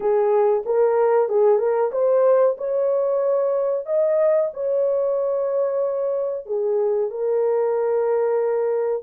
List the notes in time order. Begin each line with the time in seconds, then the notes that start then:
0.00 G#4
0.65 A#4
1.28 G#4
1.58 A#4
1.91 C5
2.57 C#5
3.86 D#5
4.53 C#5
6.45 G#4
7.10 A#4